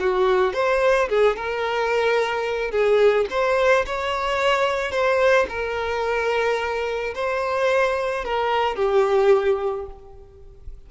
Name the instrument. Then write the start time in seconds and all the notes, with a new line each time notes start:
violin
0.00 F#4
0.54 C5
1.09 G#4
1.37 A#4
2.71 G#4
3.31 C5
3.86 C#5
4.91 C5
5.49 A#4
7.15 C5
8.25 A#4
8.76 G4